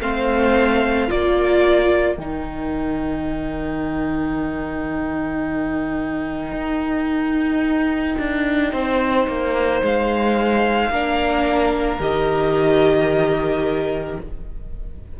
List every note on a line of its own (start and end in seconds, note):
0.00 1.09 A3
0.00 1.08 C4
0.00 1.06 C5
0.00 1.10 F5
1.06 2.17 A#3
1.06 2.17 F4
1.06 8.70 A#4
1.06 2.17 D5
2.17 6.52 D#3
2.17 10.92 D#4
2.17 9.80 G5
6.52 8.15 D#4
8.18 8.72 D4
8.72 9.27 C4
8.72 10.90 C5
9.27 9.82 A#3
9.82 10.89 G#3
9.82 12.00 F5
10.89 11.98 A#3
10.89 12.00 D4
10.89 14.20 A#4
11.99 14.17 D#3
11.99 14.18 G4
11.99 14.19 D#5